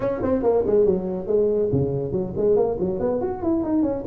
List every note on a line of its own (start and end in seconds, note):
0.00 0.21 C#4
0.22 0.42 C4
0.42 0.64 A#3
0.66 0.85 G#3
0.85 1.26 F#3
1.26 1.69 G#3
1.72 2.12 C#3
2.12 2.33 F#3
2.36 2.56 G#3
2.56 2.77 A#3
2.79 2.99 F#3
2.99 3.21 B3
3.21 3.42 F#4
3.42 3.63 E4
3.63 3.82 D#4
3.82 4.04 C#4